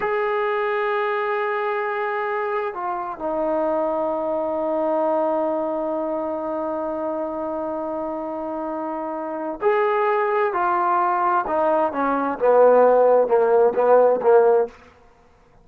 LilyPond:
\new Staff \with { instrumentName = "trombone" } { \time 4/4 \tempo 4 = 131 gis'1~ | gis'2 f'4 dis'4~ | dis'1~ | dis'1~ |
dis'1~ | dis'4 gis'2 f'4~ | f'4 dis'4 cis'4 b4~ | b4 ais4 b4 ais4 | }